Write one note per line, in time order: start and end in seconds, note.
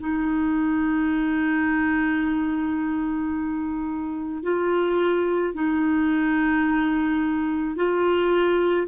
0.00 4.43 D#4
4.43 5.55 F4
5.55 7.76 D#4
7.76 8.87 F4